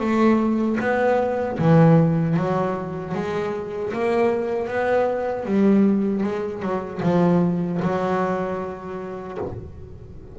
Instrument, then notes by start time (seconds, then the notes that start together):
double bass
0.00 A3
0.80 B3
1.59 E3
2.37 F#3
3.15 G#3
3.94 A#3
4.68 B3
5.45 G3
6.24 G#3
6.62 F#3
7.03 F3
7.82 F#3